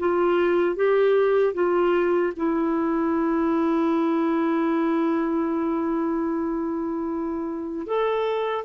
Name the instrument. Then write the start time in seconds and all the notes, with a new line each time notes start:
clarinet
0.00 F4
0.76 G4
1.54 F4
2.37 E4
7.87 A4